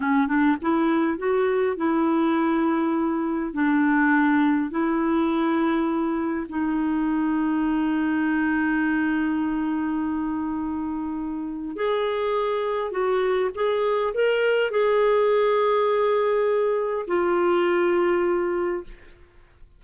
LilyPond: \new Staff \with { instrumentName = "clarinet" } { \time 4/4 \tempo 4 = 102 cis'8 d'8 e'4 fis'4 e'4~ | e'2 d'2 | e'2. dis'4~ | dis'1~ |
dis'1 | gis'2 fis'4 gis'4 | ais'4 gis'2.~ | gis'4 f'2. | }